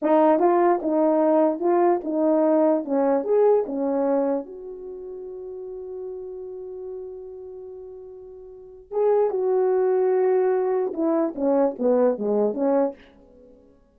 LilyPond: \new Staff \with { instrumentName = "horn" } { \time 4/4 \tempo 4 = 148 dis'4 f'4 dis'2 | f'4 dis'2 cis'4 | gis'4 cis'2 fis'4~ | fis'1~ |
fis'1~ | fis'2 gis'4 fis'4~ | fis'2. e'4 | cis'4 b4 gis4 cis'4 | }